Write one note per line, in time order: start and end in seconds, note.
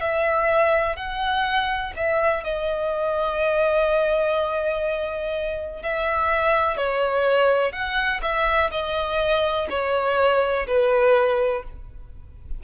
0.00 0.96 E5
0.96 1.93 F#5
1.96 2.43 E5
2.43 5.82 D#5
5.82 6.77 E5
6.77 7.72 C#5
7.72 8.20 F#5
8.22 8.70 E5
8.71 9.67 D#5
9.70 10.66 C#5
10.66 11.63 B4